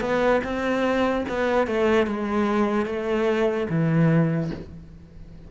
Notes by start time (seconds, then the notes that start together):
0.00 B3
0.43 C4
1.28 B3
1.67 A3
2.06 G#3
2.85 A3
3.69 E3